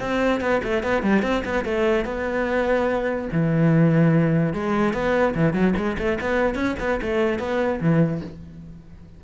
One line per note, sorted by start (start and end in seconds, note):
0.00 0.41 C4
0.41 0.62 B3
0.64 0.83 A3
0.83 1.03 B3
1.03 1.23 G3
1.23 1.43 C4
1.45 1.65 B3
1.65 2.05 A3
2.05 3.29 B3
3.33 4.54 E3
4.54 4.94 G#3
4.94 5.35 B3
5.35 5.54 E3
5.54 5.74 F#3
5.77 5.97 G#3
5.99 6.19 A3
6.21 6.55 B3
6.55 6.76 C#4
6.80 7.00 B3
7.02 7.39 A3
7.39 7.80 B3
7.81 8.22 E3